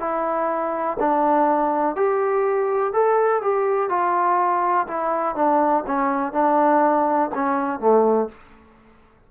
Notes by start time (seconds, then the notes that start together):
0.00 E4
1.00 D4
1.96 G4
2.93 A4
3.42 G4
3.90 F4
4.88 E4
5.36 D4
5.87 C#4
6.33 D4
7.35 C#4
7.80 A3